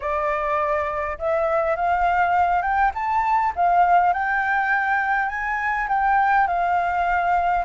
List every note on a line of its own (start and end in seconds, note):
0.00 1.18 D5
1.18 1.75 E5
1.75 2.61 F5
2.61 2.91 G5
2.94 3.53 A5
3.55 4.13 F5
4.13 5.28 G5
5.28 5.87 G#5
5.88 6.47 G5
6.47 7.64 F5